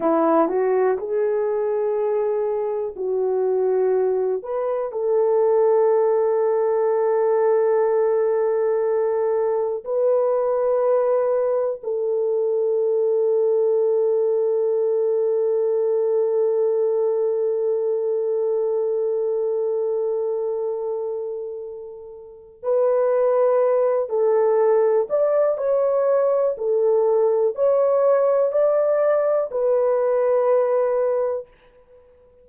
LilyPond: \new Staff \with { instrumentName = "horn" } { \time 4/4 \tempo 4 = 61 e'8 fis'8 gis'2 fis'4~ | fis'8 b'8 a'2.~ | a'2 b'2 | a'1~ |
a'1~ | a'2. b'4~ | b'8 a'4 d''8 cis''4 a'4 | cis''4 d''4 b'2 | }